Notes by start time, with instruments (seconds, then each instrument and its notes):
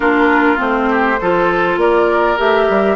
0.00 bassoon A#3, clarinet D4, oboe F4, flute A#4
0.56 bassoon A3, clarinet C4, flute C5
0.90 oboe G4
1.20 bassoon F3, clarinet F4, oboe A4
1.76 bassoon A#3, oboe A#4, flute D5
2.37 bassoon A3, clarinet G4, flute E5
2.69 bassoon G3